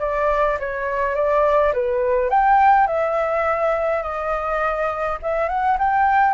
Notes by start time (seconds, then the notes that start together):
0.00 D5
0.60 C#5
1.15 D5
1.73 B4
2.30 G5
2.87 E5
4.03 D#5
5.22 E5
5.49 F#5
5.79 G5